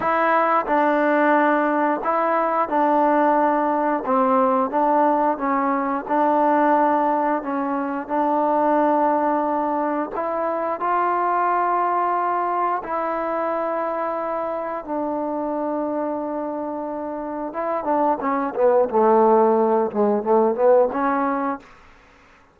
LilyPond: \new Staff \with { instrumentName = "trombone" } { \time 4/4 \tempo 4 = 89 e'4 d'2 e'4 | d'2 c'4 d'4 | cis'4 d'2 cis'4 | d'2. e'4 |
f'2. e'4~ | e'2 d'2~ | d'2 e'8 d'8 cis'8 b8 | a4. gis8 a8 b8 cis'4 | }